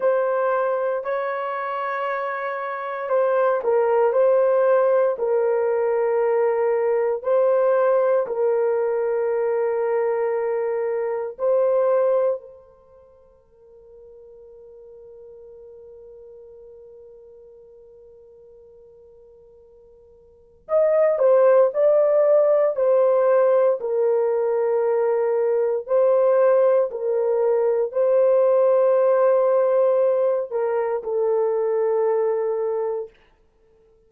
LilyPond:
\new Staff \with { instrumentName = "horn" } { \time 4/4 \tempo 4 = 58 c''4 cis''2 c''8 ais'8 | c''4 ais'2 c''4 | ais'2. c''4 | ais'1~ |
ais'1 | dis''8 c''8 d''4 c''4 ais'4~ | ais'4 c''4 ais'4 c''4~ | c''4. ais'8 a'2 | }